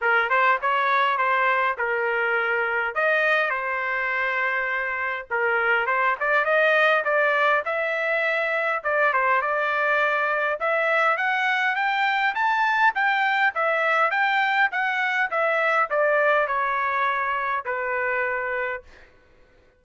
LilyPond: \new Staff \with { instrumentName = "trumpet" } { \time 4/4 \tempo 4 = 102 ais'8 c''8 cis''4 c''4 ais'4~ | ais'4 dis''4 c''2~ | c''4 ais'4 c''8 d''8 dis''4 | d''4 e''2 d''8 c''8 |
d''2 e''4 fis''4 | g''4 a''4 g''4 e''4 | g''4 fis''4 e''4 d''4 | cis''2 b'2 | }